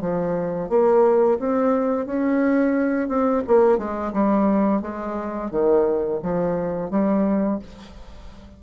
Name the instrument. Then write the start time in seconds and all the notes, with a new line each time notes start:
bassoon
0.00 F3
0.69 A#3
1.39 C4
2.06 C#4
3.08 C4
3.47 A#3
3.77 G#3
4.12 G3
4.81 G#3
5.50 D#3
6.22 F3
6.90 G3